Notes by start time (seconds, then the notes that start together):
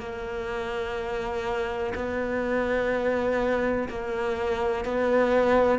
0.00 A#3
1.95 B3
3.89 A#3
4.85 B3